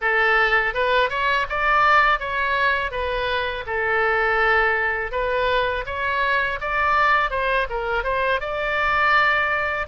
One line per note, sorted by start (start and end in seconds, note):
0.01 0.74 A4
0.74 1.09 B4
1.09 1.46 C#5
1.49 2.19 D5
2.19 2.91 C#5
2.91 3.64 B4
3.66 5.11 A4
5.11 5.84 B4
5.85 6.59 C#5
6.61 7.30 D5
7.30 7.67 C5
7.69 8.03 A#4
8.03 8.40 C5
8.40 9.86 D5